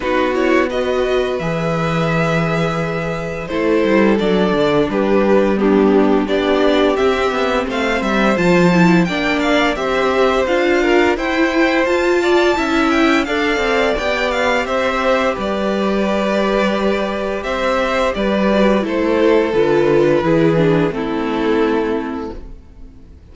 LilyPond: <<
  \new Staff \with { instrumentName = "violin" } { \time 4/4 \tempo 4 = 86 b'8 cis''8 dis''4 e''2~ | e''4 c''4 d''4 b'4 | g'4 d''4 e''4 f''8 e''8 | a''4 g''8 f''8 e''4 f''4 |
g''4 a''4. g''8 f''4 | g''8 f''8 e''4 d''2~ | d''4 e''4 d''4 c''4 | b'2 a'2 | }
  \new Staff \with { instrumentName = "violin" } { \time 4/4 fis'4 b'2.~ | b'4 a'2 g'4 | d'4 g'2 c''4~ | c''4 d''4 c''4. ais'8 |
c''4. d''8 e''4 d''4~ | d''4 c''4 b'2~ | b'4 c''4 b'4 a'4~ | a'4 gis'4 e'2 | }
  \new Staff \with { instrumentName = "viola" } { \time 4/4 dis'8 e'8 fis'4 gis'2~ | gis'4 e'4 d'2 | b4 d'4 c'2 | f'8 e'8 d'4 g'4 f'4 |
e'4 f'4 e'4 a'4 | g'1~ | g'2~ g'8 fis'8 e'4 | f'4 e'8 d'8 c'2 | }
  \new Staff \with { instrumentName = "cello" } { \time 4/4 b2 e2~ | e4 a8 g8 fis8 d8 g4~ | g4 b4 c'8 b8 a8 g8 | f4 ais4 c'4 d'4 |
e'4 f'4 cis'4 d'8 c'8 | b4 c'4 g2~ | g4 c'4 g4 a4 | d4 e4 a2 | }
>>